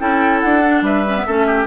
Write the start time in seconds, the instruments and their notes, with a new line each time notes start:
0.00 bassoon C#4, clarinet E4, oboe A4, flute G5
0.41 bassoon D4, flute F#5
0.65 clarinet D4
0.82 bassoon G3, oboe B4, flute E5
1.08 clarinet C#4
1.17 clarinet B3
1.27 bassoon A3, clarinet C#4, oboe A4
1.47 oboe G4